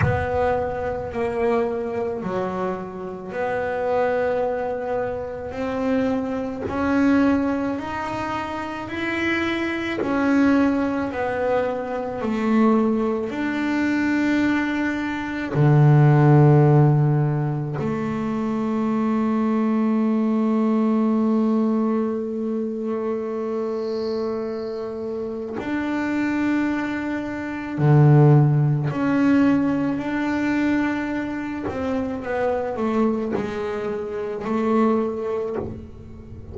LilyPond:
\new Staff \with { instrumentName = "double bass" } { \time 4/4 \tempo 4 = 54 b4 ais4 fis4 b4~ | b4 c'4 cis'4 dis'4 | e'4 cis'4 b4 a4 | d'2 d2 |
a1~ | a2. d'4~ | d'4 d4 cis'4 d'4~ | d'8 c'8 b8 a8 gis4 a4 | }